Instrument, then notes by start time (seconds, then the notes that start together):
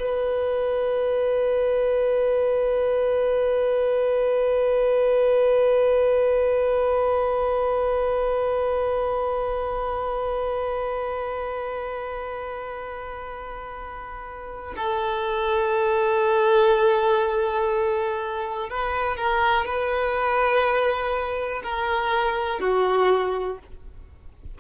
violin
0.00 B4
14.77 A4
18.70 B4
19.17 A#4
19.66 B4
21.64 A#4
22.60 F#4